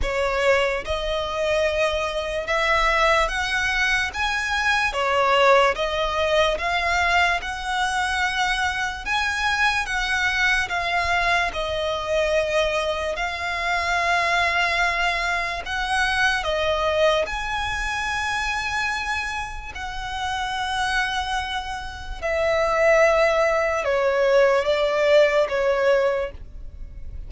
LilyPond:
\new Staff \with { instrumentName = "violin" } { \time 4/4 \tempo 4 = 73 cis''4 dis''2 e''4 | fis''4 gis''4 cis''4 dis''4 | f''4 fis''2 gis''4 | fis''4 f''4 dis''2 |
f''2. fis''4 | dis''4 gis''2. | fis''2. e''4~ | e''4 cis''4 d''4 cis''4 | }